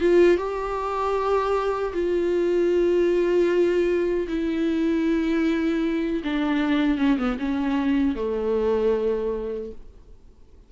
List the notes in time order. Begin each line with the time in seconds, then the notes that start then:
0.00 F4
0.37 G4
1.93 F4
4.27 E4
6.24 D4
6.98 C#4
7.18 B3
7.38 C#4
8.15 A3